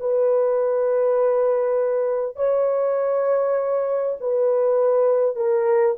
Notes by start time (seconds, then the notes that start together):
0.00 B4
2.37 C#5
4.21 B4
5.36 A#4